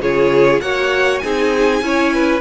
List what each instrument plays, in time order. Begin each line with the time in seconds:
0.00 cello C#3, viola F4, violin G#4 C#5
0.61 cello A#3, viola F#4, violin C#5 F#5
1.19 cello C4, viola D#4, violin G#4 G#5
1.82 cello C#4, viola E4, violin C#5
2.14 violin B4